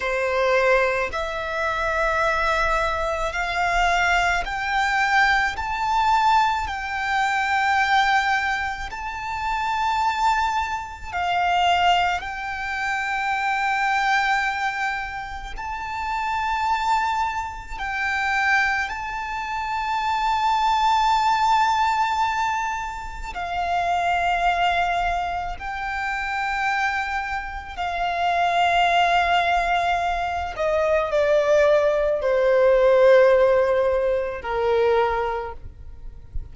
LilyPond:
\new Staff \with { instrumentName = "violin" } { \time 4/4 \tempo 4 = 54 c''4 e''2 f''4 | g''4 a''4 g''2 | a''2 f''4 g''4~ | g''2 a''2 |
g''4 a''2.~ | a''4 f''2 g''4~ | g''4 f''2~ f''8 dis''8 | d''4 c''2 ais'4 | }